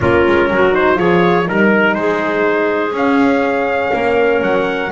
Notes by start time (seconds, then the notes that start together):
0.00 A#3 C#4 F4 A#4
0.26 G#3
0.50 F#3 F#4
0.72 D#4 C5
0.94 F3 F4 G#4 C#5
1.44 G3 D#4 A#4
1.94 G#3 G#4 C5
2.92 C#4 F5
3.92 A#3 A#4
4.41 F#3 F#5